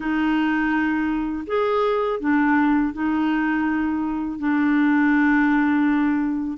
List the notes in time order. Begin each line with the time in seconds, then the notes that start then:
0.00 D#4
1.46 G#4
2.20 D4
2.93 D#4
4.38 D4